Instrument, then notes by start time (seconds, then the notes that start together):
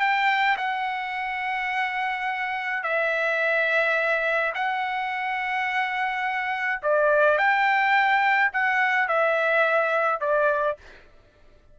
trumpet
0.00 G5
0.57 F#5
2.83 E5
4.54 F#5
6.83 D5
7.38 G5
8.53 F#5
9.08 E5
10.20 D5